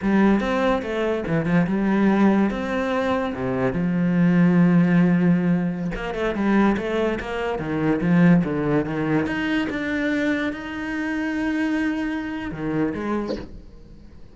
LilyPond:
\new Staff \with { instrumentName = "cello" } { \time 4/4 \tempo 4 = 144 g4 c'4 a4 e8 f8 | g2 c'2 | c4 f2.~ | f2~ f16 ais8 a8 g8.~ |
g16 a4 ais4 dis4 f8.~ | f16 d4 dis4 dis'4 d'8.~ | d'4~ d'16 dis'2~ dis'8.~ | dis'2 dis4 gis4 | }